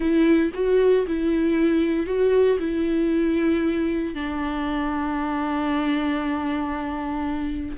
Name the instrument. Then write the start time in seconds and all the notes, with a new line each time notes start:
viola
0.00 E4
0.54 F#4
1.07 E4
2.06 F#4
2.59 E4
4.14 D4